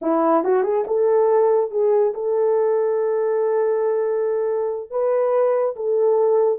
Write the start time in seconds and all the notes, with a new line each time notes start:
0.01 E4
0.44 F#4
0.63 G#4
0.87 A4
1.70 G#4
2.14 A4
4.90 B4
5.76 A4